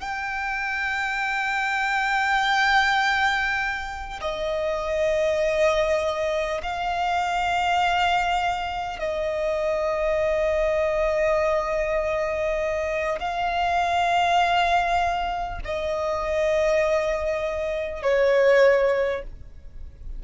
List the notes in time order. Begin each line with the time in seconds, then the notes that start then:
0.00 G5
4.21 D#5
6.62 F5
8.99 D#5
13.19 F5
15.64 D#5
18.02 C#5